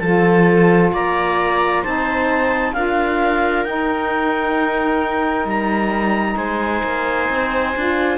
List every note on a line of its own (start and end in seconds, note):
0.00 0.92 F3
0.00 1.85 F4
0.00 0.94 A4
0.00 0.91 A5
0.93 1.84 A#3
0.93 1.82 D5
0.93 1.85 A#5
1.82 2.75 C4
1.82 2.75 D#4
1.82 2.73 C5
1.82 2.74 A5
2.74 3.65 D4
2.74 3.66 F4
2.74 6.38 A#4
2.74 3.65 F5
3.65 5.45 D#4
3.65 7.75 D#4
3.65 5.47 G5
5.45 6.36 G3
5.45 6.37 A#5
6.37 6.83 G#3
6.37 8.18 C5
6.37 8.18 G#5
6.84 7.29 A#3
7.30 7.75 C4
7.76 8.18 D4
7.76 8.18 F4